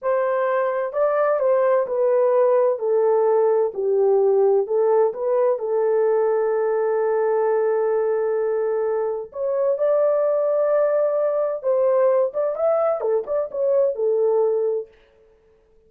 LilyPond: \new Staff \with { instrumentName = "horn" } { \time 4/4 \tempo 4 = 129 c''2 d''4 c''4 | b'2 a'2 | g'2 a'4 b'4 | a'1~ |
a'1 | cis''4 d''2.~ | d''4 c''4. d''8 e''4 | a'8 d''8 cis''4 a'2 | }